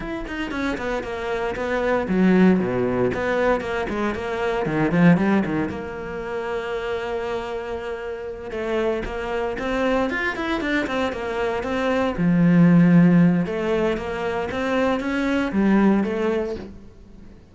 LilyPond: \new Staff \with { instrumentName = "cello" } { \time 4/4 \tempo 4 = 116 e'8 dis'8 cis'8 b8 ais4 b4 | fis4 b,4 b4 ais8 gis8 | ais4 dis8 f8 g8 dis8 ais4~ | ais1~ |
ais8 a4 ais4 c'4 f'8 | e'8 d'8 c'8 ais4 c'4 f8~ | f2 a4 ais4 | c'4 cis'4 g4 a4 | }